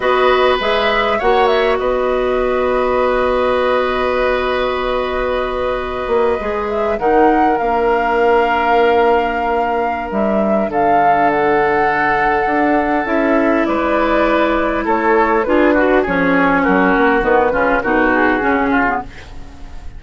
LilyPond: <<
  \new Staff \with { instrumentName = "flute" } { \time 4/4 \tempo 4 = 101 dis''4 e''4 fis''8 e''8 dis''4~ | dis''1~ | dis''2.~ dis''16 e''8 fis''16~ | fis''8. f''2.~ f''16~ |
f''4 e''4 f''4 fis''4~ | fis''2 e''4 d''4~ | d''4 cis''4 b'4 cis''4 | ais'4 b'4 ais'8 gis'4. | }
  \new Staff \with { instrumentName = "oboe" } { \time 4/4 b'2 cis''4 b'4~ | b'1~ | b'2.~ b'8. ais'16~ | ais'1~ |
ais'2 a'2~ | a'2. b'4~ | b'4 a'4 gis'8 fis'8 gis'4 | fis'4. f'8 fis'4. f'8 | }
  \new Staff \with { instrumentName = "clarinet" } { \time 4/4 fis'4 gis'4 fis'2~ | fis'1~ | fis'2~ fis'8. gis'4 dis'16~ | dis'8. d'2.~ d'16~ |
d'1~ | d'2 e'2~ | e'2 f'8 fis'8 cis'4~ | cis'4 b8 cis'8 dis'4 cis'8. b16 | }
  \new Staff \with { instrumentName = "bassoon" } { \time 4/4 b4 gis4 ais4 b4~ | b1~ | b2~ b16 ais8 gis4 dis16~ | dis8. ais2.~ ais16~ |
ais4 g4 d2~ | d4 d'4 cis'4 gis4~ | gis4 a4 d'4 f4 | fis8 ais8 dis8 cis8 b,4 cis4 | }
>>